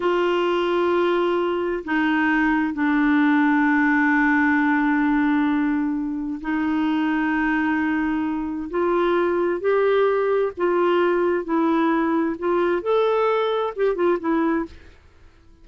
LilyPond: \new Staff \with { instrumentName = "clarinet" } { \time 4/4 \tempo 4 = 131 f'1 | dis'2 d'2~ | d'1~ | d'2 dis'2~ |
dis'2. f'4~ | f'4 g'2 f'4~ | f'4 e'2 f'4 | a'2 g'8 f'8 e'4 | }